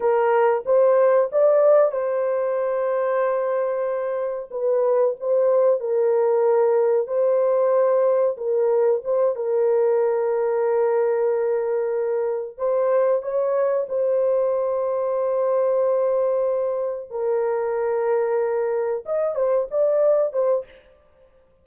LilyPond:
\new Staff \with { instrumentName = "horn" } { \time 4/4 \tempo 4 = 93 ais'4 c''4 d''4 c''4~ | c''2. b'4 | c''4 ais'2 c''4~ | c''4 ais'4 c''8 ais'4.~ |
ais'2.~ ais'8 c''8~ | c''8 cis''4 c''2~ c''8~ | c''2~ c''8 ais'4.~ | ais'4. dis''8 c''8 d''4 c''8 | }